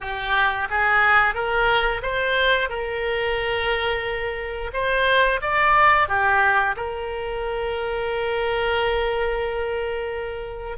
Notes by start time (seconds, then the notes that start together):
0.00 G4
0.70 G#4
1.34 A#4
2.02 C5
2.69 A#4
4.73 C5
5.41 D5
6.08 G4
6.76 A#4